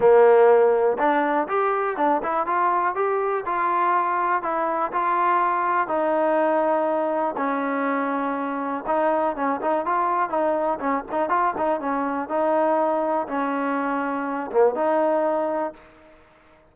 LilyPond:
\new Staff \with { instrumentName = "trombone" } { \time 4/4 \tempo 4 = 122 ais2 d'4 g'4 | d'8 e'8 f'4 g'4 f'4~ | f'4 e'4 f'2 | dis'2. cis'4~ |
cis'2 dis'4 cis'8 dis'8 | f'4 dis'4 cis'8 dis'8 f'8 dis'8 | cis'4 dis'2 cis'4~ | cis'4. ais8 dis'2 | }